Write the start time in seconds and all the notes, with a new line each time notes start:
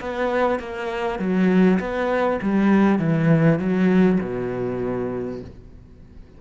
0.00 B3
0.59 A#3
1.19 F#3
1.79 B3
2.42 G3
2.99 E3
3.59 F#3
4.21 B2